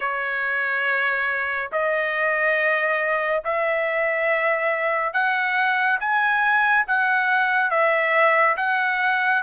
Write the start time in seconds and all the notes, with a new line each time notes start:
0.00 C#5
1.71 D#5
3.44 E5
5.13 F#5
6.00 G#5
6.86 F#5
7.70 E5
8.56 F#5